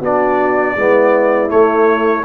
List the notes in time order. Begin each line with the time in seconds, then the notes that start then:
0.00 B3 D4 F#4 D5
0.77 G#3 B3 E4
1.49 A3 C#5